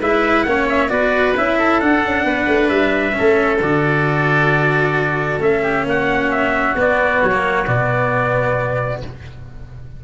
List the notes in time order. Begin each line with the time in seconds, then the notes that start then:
0.00 G#3 E4 B4 E5
0.43 A#3 C#4 C#5 F#5
0.69 E5
0.89 B3 F#4 B4 D5
1.37 C#4 E4 E5
1.58 A4
1.80 D4 F#5
2.04 C#4
2.24 B3 B4
2.47 A3
2.69 G3 E5
3.12 C#4 A4
3.19 A3
3.61 D3 F#4 D5
5.39 A3 C#4 E5
5.62 G4
5.84 A#3 F#4 F#5
6.31 E5
6.75 B3 D5
7.22 F#3 C#5
7.31 A#3
7.67 B2 B3 D5